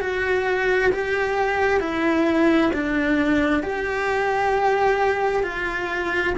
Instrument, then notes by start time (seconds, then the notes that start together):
cello
0.00 F#4
0.92 G4
1.80 E4
2.73 D4
3.62 G4
5.43 F4